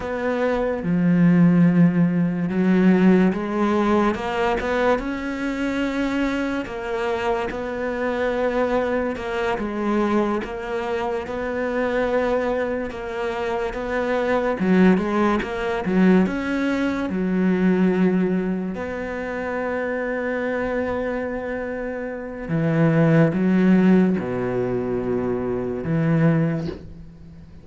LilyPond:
\new Staff \with { instrumentName = "cello" } { \time 4/4 \tempo 4 = 72 b4 f2 fis4 | gis4 ais8 b8 cis'2 | ais4 b2 ais8 gis8~ | gis8 ais4 b2 ais8~ |
ais8 b4 fis8 gis8 ais8 fis8 cis'8~ | cis'8 fis2 b4.~ | b2. e4 | fis4 b,2 e4 | }